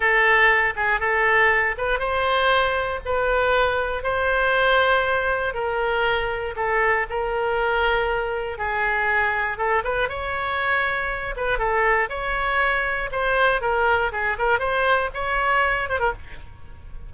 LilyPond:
\new Staff \with { instrumentName = "oboe" } { \time 4/4 \tempo 4 = 119 a'4. gis'8 a'4. b'8 | c''2 b'2 | c''2. ais'4~ | ais'4 a'4 ais'2~ |
ais'4 gis'2 a'8 b'8 | cis''2~ cis''8 b'8 a'4 | cis''2 c''4 ais'4 | gis'8 ais'8 c''4 cis''4. c''16 ais'16 | }